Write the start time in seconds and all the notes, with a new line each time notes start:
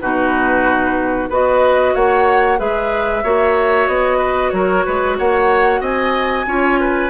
0.00 B2 D#4 F#4 B4
1.29 B3 F#4 B4 D#5
1.94 A#3 C#5 F#5
2.58 G#3 G#4 B4 E5
3.24 A#3 F#4 C#5
3.87 B3 D#5
4.18 B4
4.50 F#3 A#4 C#5
4.85 G#3 B4
5.18 A#3 C#5 F#5
5.81 C4 D#5 G#5
6.47 C#4 F4 C#5
6.80 B4